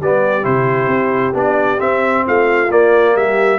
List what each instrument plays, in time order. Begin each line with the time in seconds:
0.00 tuba G3, trombone B3, horn G4, trumpet D5
0.43 tuba C3, trombone E4, trumpet C5
0.88 tuba C4
1.34 tuba B3, trombone D4, trumpet D5
1.78 trombone C4, tuba C4, trumpet E5
2.26 tuba A3, horn F4, trumpet F5
2.70 trombone A#3, tuba A#3, trumpet D5
3.16 tuba G3, horn G4, trumpet E5